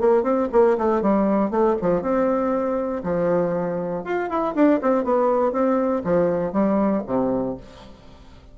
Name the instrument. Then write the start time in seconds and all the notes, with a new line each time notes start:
bassoon
0.00 A#3
0.23 C4
0.52 A#3
0.78 A3
1.02 G3
1.50 A3
1.81 F3
2.02 C4
3.03 F3
4.04 F4
4.29 E4
4.55 D4
4.81 C4
5.04 B3
5.52 C4
6.04 F3
6.52 G3
7.06 C3